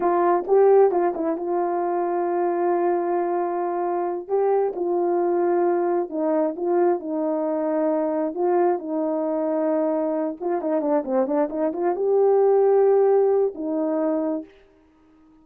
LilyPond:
\new Staff \with { instrumentName = "horn" } { \time 4/4 \tempo 4 = 133 f'4 g'4 f'8 e'8 f'4~ | f'1~ | f'4. g'4 f'4.~ | f'4. dis'4 f'4 dis'8~ |
dis'2~ dis'8 f'4 dis'8~ | dis'2. f'8 dis'8 | d'8 c'8 d'8 dis'8 f'8 g'4.~ | g'2 dis'2 | }